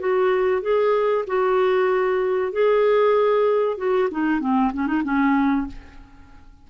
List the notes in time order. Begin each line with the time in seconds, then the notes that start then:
0.00 F#4
0.62 G#4
1.27 F#4
2.53 G#4
3.78 F#4
4.11 D#4
4.41 C4
4.74 C#4
4.87 D#4
5.04 C#4